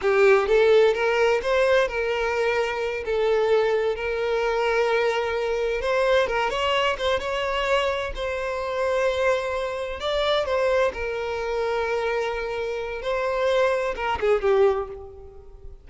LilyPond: \new Staff \with { instrumentName = "violin" } { \time 4/4 \tempo 4 = 129 g'4 a'4 ais'4 c''4 | ais'2~ ais'8 a'4.~ | a'8 ais'2.~ ais'8~ | ais'8 c''4 ais'8 cis''4 c''8 cis''8~ |
cis''4. c''2~ c''8~ | c''4. d''4 c''4 ais'8~ | ais'1 | c''2 ais'8 gis'8 g'4 | }